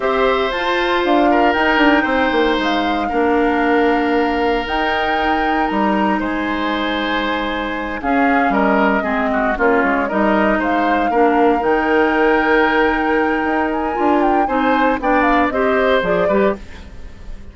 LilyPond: <<
  \new Staff \with { instrumentName = "flute" } { \time 4/4 \tempo 4 = 116 e''4 a''4 f''4 g''4~ | g''4 f''2.~ | f''4 g''2 ais''4 | gis''2.~ gis''8 f''8~ |
f''8 dis''2 cis''4 dis''8~ | dis''8 f''2 g''4.~ | g''2~ g''8 gis''4 g''8 | gis''4 g''8 f''8 dis''4 d''4 | }
  \new Staff \with { instrumentName = "oboe" } { \time 4/4 c''2~ c''8 ais'4. | c''2 ais'2~ | ais'1 | c''2.~ c''8 gis'8~ |
gis'8 ais'4 gis'8 fis'8 f'4 ais'8~ | ais'8 c''4 ais'2~ ais'8~ | ais'1 | c''4 d''4 c''4. b'8 | }
  \new Staff \with { instrumentName = "clarinet" } { \time 4/4 g'4 f'2 dis'4~ | dis'2 d'2~ | d'4 dis'2.~ | dis'2.~ dis'8 cis'8~ |
cis'4. c'4 cis'4 dis'8~ | dis'4. d'4 dis'4.~ | dis'2. f'4 | dis'4 d'4 g'4 gis'8 g'8 | }
  \new Staff \with { instrumentName = "bassoon" } { \time 4/4 c'4 f'4 d'4 dis'8 d'8 | c'8 ais8 gis4 ais2~ | ais4 dis'2 g4 | gis2.~ gis8 cis'8~ |
cis'8 g4 gis4 ais8 gis8 g8~ | g8 gis4 ais4 dis4.~ | dis2 dis'4 d'4 | c'4 b4 c'4 f8 g8 | }
>>